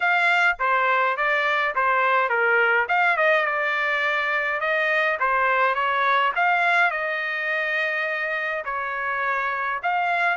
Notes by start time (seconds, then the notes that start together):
0.00 F5
0.59 C5
1.16 D5
1.75 C5
2.29 A#4
2.88 F5
3.17 D#5
3.45 D5
4.60 D#5
5.19 C5
5.74 C#5
6.35 F5
6.90 D#5
8.65 C#5
9.82 F5